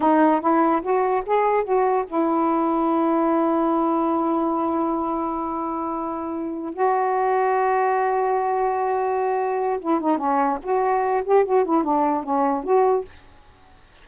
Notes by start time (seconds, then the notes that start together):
0.00 D#4
0.40 E4
0.82 F#4
1.25 G#4
1.63 F#4
2.06 E4
6.73 F#4
9.79 E4
10.00 D#4
10.17 C#4
10.62 F#4
11.24 G4
11.44 F#4
11.64 E4
11.83 D4
12.23 C#4
12.64 F#4